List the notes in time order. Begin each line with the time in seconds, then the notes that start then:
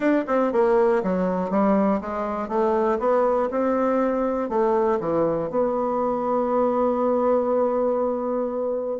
0.00 D4
0.27 C4
0.52 A#3
1.03 F#3
1.50 G3
2.00 G#3
2.48 A3
2.99 B3
3.50 C4
4.49 A3
5.00 E3
5.50 B3